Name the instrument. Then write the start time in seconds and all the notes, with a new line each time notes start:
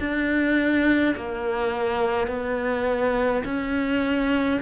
cello
0.00 D4
1.16 A#3
2.28 B3
3.45 C#4